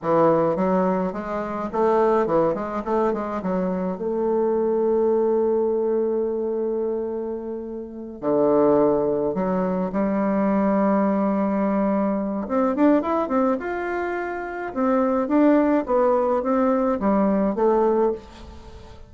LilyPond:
\new Staff \with { instrumentName = "bassoon" } { \time 4/4 \tempo 4 = 106 e4 fis4 gis4 a4 | e8 gis8 a8 gis8 fis4 a4~ | a1~ | a2~ a8 d4.~ |
d8 fis4 g2~ g8~ | g2 c'8 d'8 e'8 c'8 | f'2 c'4 d'4 | b4 c'4 g4 a4 | }